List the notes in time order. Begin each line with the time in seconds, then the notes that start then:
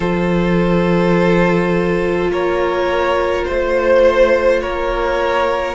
0.00 F3 F4 A4 C5
2.29 A#3 A#4 C#5
3.44 A3 C5
4.60 A#3 A#4 C#5